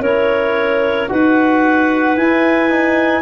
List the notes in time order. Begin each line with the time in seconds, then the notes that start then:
0.00 C#4 E4 A#4 C#5
1.08 D#4 F#4 B4 F#5
2.16 E4 G#5
2.69 D#4